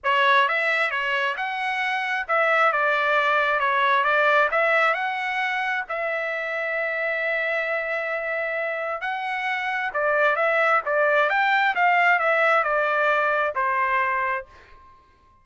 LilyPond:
\new Staff \with { instrumentName = "trumpet" } { \time 4/4 \tempo 4 = 133 cis''4 e''4 cis''4 fis''4~ | fis''4 e''4 d''2 | cis''4 d''4 e''4 fis''4~ | fis''4 e''2.~ |
e''1 | fis''2 d''4 e''4 | d''4 g''4 f''4 e''4 | d''2 c''2 | }